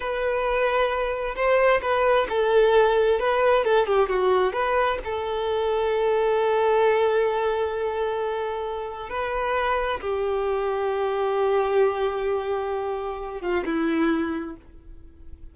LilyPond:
\new Staff \with { instrumentName = "violin" } { \time 4/4 \tempo 4 = 132 b'2. c''4 | b'4 a'2 b'4 | a'8 g'8 fis'4 b'4 a'4~ | a'1~ |
a'1 | b'2 g'2~ | g'1~ | g'4. f'8 e'2 | }